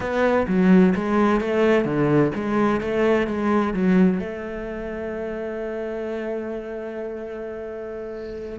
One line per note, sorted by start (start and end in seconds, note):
0.00 0.46 B3
0.47 0.94 F#3
0.95 1.40 G#3
1.40 1.85 A3
1.85 2.31 D3
2.34 2.80 G#3
2.80 3.27 A3
3.27 3.73 G#3
3.73 4.19 F#3
4.19 8.59 A3